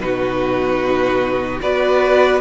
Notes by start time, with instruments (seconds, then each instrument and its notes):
0.00 cello B2, viola D#4, violin F#4 B4
1.62 cello B3, viola F#4, violin B4 D5